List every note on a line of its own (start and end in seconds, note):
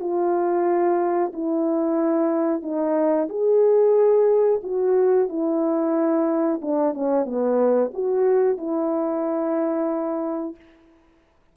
0.00 1.32 F4
1.33 2.63 E4
2.63 3.28 D#4
3.29 4.61 G#4
4.63 5.29 F#4
5.29 6.61 E4
6.62 6.94 D4
6.94 7.25 C#4
7.25 7.91 B3
7.94 8.58 F#4
8.58 10.56 E4